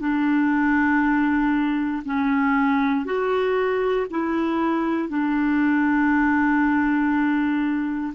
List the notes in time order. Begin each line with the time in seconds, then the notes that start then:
0.00 D4
2.05 C#4
3.06 F#4
4.11 E4
5.09 D4